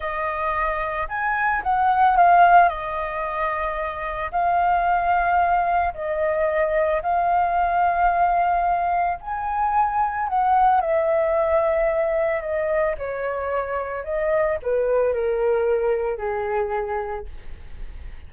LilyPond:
\new Staff \with { instrumentName = "flute" } { \time 4/4 \tempo 4 = 111 dis''2 gis''4 fis''4 | f''4 dis''2. | f''2. dis''4~ | dis''4 f''2.~ |
f''4 gis''2 fis''4 | e''2. dis''4 | cis''2 dis''4 b'4 | ais'2 gis'2 | }